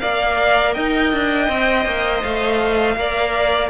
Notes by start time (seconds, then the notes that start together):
0.00 A#3 A#4 D5 F5
0.74 D#4 D#5 G5
1.13 D4
1.48 C4 C5
1.86 A#3
2.23 A3 F5
2.96 A#3 A#4 D5